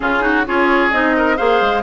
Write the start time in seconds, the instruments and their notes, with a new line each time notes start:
0.00 bassoon C#3, clarinet C#4, oboe F4, flute G#4
0.20 clarinet D#4, oboe F#4
0.45 bassoon C#4, clarinet F4, oboe G#4, flute C#5
0.91 bassoon C4, clarinet D#4, flute D#5
1.16 oboe A#4
1.37 bassoon A#3, clarinet G#4, oboe C5, flute F5
1.61 bassoon G#3